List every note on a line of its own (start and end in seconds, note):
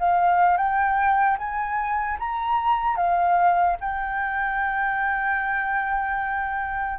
0.00 0.57 F5
0.57 1.37 G5
1.38 2.18 G#5
2.19 2.96 A#5
2.96 3.76 F5
3.80 6.99 G5